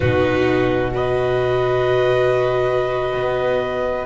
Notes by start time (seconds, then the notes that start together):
0.00 B2 D#4 F#4 B4
0.91 F#4 B4 D#5
3.14 B3